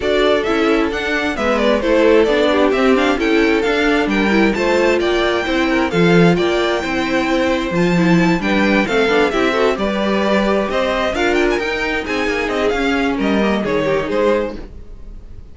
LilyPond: <<
  \new Staff \with { instrumentName = "violin" } { \time 4/4 \tempo 4 = 132 d''4 e''4 fis''4 e''8 d''8 | c''4 d''4 e''8 f''8 g''4 | f''4 g''4 a''4 g''4~ | g''4 f''4 g''2~ |
g''4 a''4. g''4 f''8~ | f''8 e''4 d''2 dis''8~ | dis''8 f''8 g''16 gis''16 g''4 gis''4 dis''8 | f''4 dis''4 cis''4 c''4 | }
  \new Staff \with { instrumentName = "violin" } { \time 4/4 a'2. b'4 | a'4. g'4. a'4~ | a'4 ais'4 c''4 d''4 | c''8 ais'8 a'4 d''4 c''4~ |
c''2~ c''8 b'4 a'8~ | a'8 g'8 a'8 b'2 c''8~ | c''8 ais'2 gis'4.~ | gis'4 ais'4 gis'8 g'8 gis'4 | }
  \new Staff \with { instrumentName = "viola" } { \time 4/4 fis'4 e'4 d'4 b4 | e'4 d'4 c'8 d'8 e'4 | d'4. e'8 f'2 | e'4 f'2 e'4~ |
e'4 f'8 e'4 d'4 c'8 | d'8 e'8 fis'8 g'2~ g'8~ | g'8 f'4 dis'2~ dis'8 | cis'4. ais8 dis'2 | }
  \new Staff \with { instrumentName = "cello" } { \time 4/4 d'4 cis'4 d'4 gis4 | a4 b4 c'4 cis'4 | d'4 g4 a4 ais4 | c'4 f4 ais4 c'4~ |
c'4 f4. g4 a8 | b8 c'4 g2 c'8~ | c'8 d'4 dis'4 c'8 ais8 c'8 | cis'4 g4 dis4 gis4 | }
>>